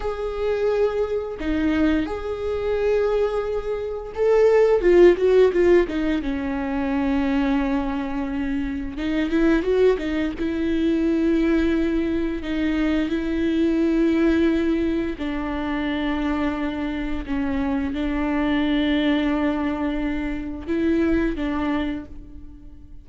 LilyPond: \new Staff \with { instrumentName = "viola" } { \time 4/4 \tempo 4 = 87 gis'2 dis'4 gis'4~ | gis'2 a'4 f'8 fis'8 | f'8 dis'8 cis'2.~ | cis'4 dis'8 e'8 fis'8 dis'8 e'4~ |
e'2 dis'4 e'4~ | e'2 d'2~ | d'4 cis'4 d'2~ | d'2 e'4 d'4 | }